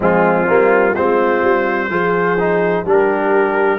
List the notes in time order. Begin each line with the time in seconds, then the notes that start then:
0.00 F3 G#3 C4 F4
0.47 G3 A#3
0.92 G#3 C4 F4 C5
1.42 G3
1.89 F3 F4 G#4
2.39 D#4
2.84 G3 D4 G4 A#4